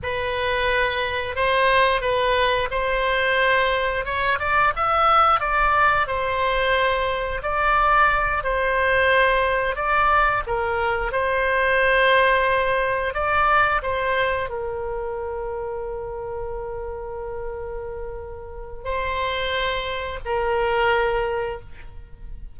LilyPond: \new Staff \with { instrumentName = "oboe" } { \time 4/4 \tempo 4 = 89 b'2 c''4 b'4 | c''2 cis''8 d''8 e''4 | d''4 c''2 d''4~ | d''8 c''2 d''4 ais'8~ |
ais'8 c''2. d''8~ | d''8 c''4 ais'2~ ais'8~ | ais'1 | c''2 ais'2 | }